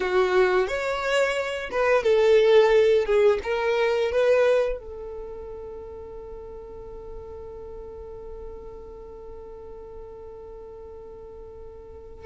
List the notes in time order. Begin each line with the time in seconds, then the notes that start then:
0.00 F#4
0.67 C#5
1.71 B4
2.03 A4
3.05 G#4
3.43 A#4
4.11 B4
4.79 A4